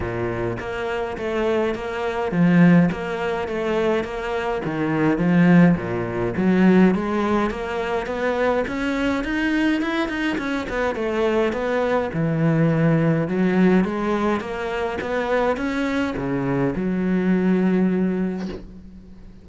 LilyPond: \new Staff \with { instrumentName = "cello" } { \time 4/4 \tempo 4 = 104 ais,4 ais4 a4 ais4 | f4 ais4 a4 ais4 | dis4 f4 ais,4 fis4 | gis4 ais4 b4 cis'4 |
dis'4 e'8 dis'8 cis'8 b8 a4 | b4 e2 fis4 | gis4 ais4 b4 cis'4 | cis4 fis2. | }